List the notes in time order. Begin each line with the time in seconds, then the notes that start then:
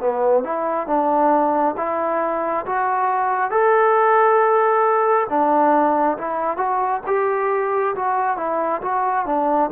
0.00 B3
0.44 E4
0.87 D4
1.77 E4
2.66 F#4
3.51 A4
5.29 D4
6.18 E4
6.57 F#4
7.07 G4
7.95 F#4
8.37 E4
8.82 F#4
9.26 D4